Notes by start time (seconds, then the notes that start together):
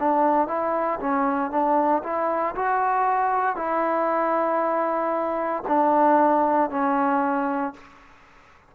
0.00 D4
0.48 E4
1.00 C#4
1.51 D4
2.04 E4
2.56 F#4
3.56 E4
5.68 D4
6.71 C#4